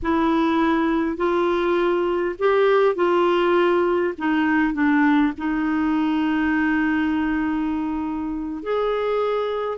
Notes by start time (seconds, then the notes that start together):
0.02 E4
1.16 F4
2.38 G4
2.95 F4
4.17 D#4
4.73 D4
5.37 D#4
8.62 G#4